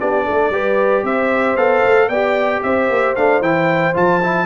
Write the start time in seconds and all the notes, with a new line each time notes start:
0.00 B3 D4 G4 D5
0.25 A3 A4
0.50 G3 G4 B4
1.03 C4 C5 E5
1.56 B3 A4 F5
1.84 A3
2.08 B3 G4 D5 G5
2.63 C4 C5 E5
2.89 A#3
3.16 A3 D4 F5
3.41 E3 E4 G5
3.94 F3 F4 A5
4.23 E4